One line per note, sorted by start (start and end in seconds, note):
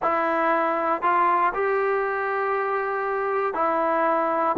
0.02 1.02 E4
1.02 1.53 F4
1.54 3.54 G4
3.54 4.55 E4